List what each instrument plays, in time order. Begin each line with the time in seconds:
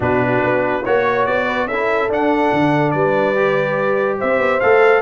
0.00 tuba B2, trombone D4, horn F#4, trumpet B4
0.43 tuba B3
0.83 tuba A#3, trombone F#4, horn C#5, trumpet C#5
1.26 tuba B3, trumpet D5
1.46 horn B4
1.66 tuba C#4, horn A4, trumpet E5
1.72 trombone E4
2.08 tuba D4, trombone D4, trumpet F#5
2.52 tuba D3
2.91 tuba G3, horn B4, trumpet D5
3.35 trombone G4
4.18 tuba C4, horn C5, trumpet E5
4.38 tuba B3
4.60 tuba A3, trombone A4, trumpet F5